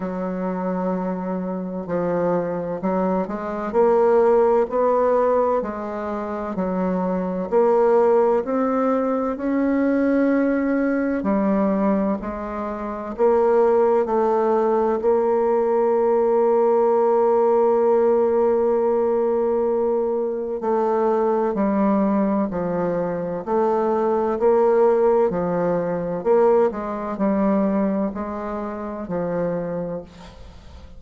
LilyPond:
\new Staff \with { instrumentName = "bassoon" } { \time 4/4 \tempo 4 = 64 fis2 f4 fis8 gis8 | ais4 b4 gis4 fis4 | ais4 c'4 cis'2 | g4 gis4 ais4 a4 |
ais1~ | ais2 a4 g4 | f4 a4 ais4 f4 | ais8 gis8 g4 gis4 f4 | }